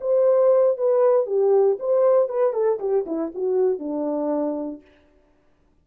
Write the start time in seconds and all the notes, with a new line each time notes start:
0.00 C5
0.77 B4
1.26 G4
1.79 C5
2.28 B4
2.53 A4
2.79 G4
3.06 E4
3.34 F#4
3.79 D4